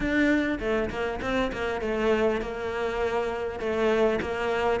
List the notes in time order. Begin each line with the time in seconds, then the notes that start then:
0.00 D4
0.59 A3
0.90 A#3
1.21 C4
1.52 A#3
1.81 A3
2.41 A#3
3.59 A3
4.21 A#3